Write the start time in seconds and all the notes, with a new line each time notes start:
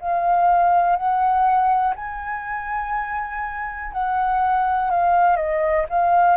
0.00 F5
0.97 F#5
1.96 G#5
3.93 F#5
4.90 F5
5.37 D#5
5.89 F5